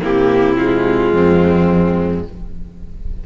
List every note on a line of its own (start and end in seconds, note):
0.00 1.13 C3
0.00 0.56 A#3
0.00 1.13 E4
0.00 0.58 G4
0.58 2.26 G#3
0.58 2.24 F4
1.13 2.24 F2
1.13 2.24 C4